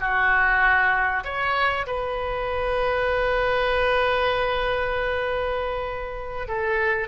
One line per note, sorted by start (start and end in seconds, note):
0.00 1.24 F#4
1.24 1.86 C#5
1.86 6.48 B4
6.48 7.08 A4